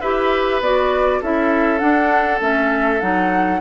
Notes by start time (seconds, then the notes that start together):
0.00 E4 G4 B4 E5
0.60 B3 F#4 D5
1.20 C#4 E4 A4 E5
1.79 D4 F#5
2.39 A3 C#4 E5
3.00 F#3 D#4 F#5